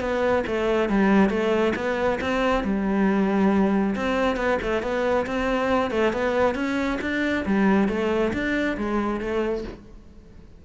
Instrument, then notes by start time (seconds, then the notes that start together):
cello
0.00 B3
0.47 A3
0.89 G3
1.30 A3
1.76 B3
2.21 C4
2.64 G3
3.96 C4
4.37 B3
4.62 A3
4.82 B3
5.27 C4
5.91 A3
6.13 B3
6.55 C#4
7.01 D4
7.46 G3
7.89 A3
8.33 D4
8.78 G#3
9.20 A3